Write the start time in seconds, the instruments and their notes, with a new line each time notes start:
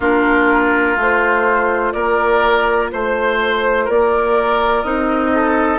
0.00 bassoon A#3, clarinet D4, oboe F4, flute A#4
0.96 bassoon A3, clarinet F4, flute C5
1.92 bassoon A#3, oboe A#4, flute D5
2.92 bassoon A3, oboe C5, flute C5
3.84 bassoon A#3, oboe A#4, flute D5
4.82 bassoon C4, clarinet D#4, flute D#5
5.33 oboe A4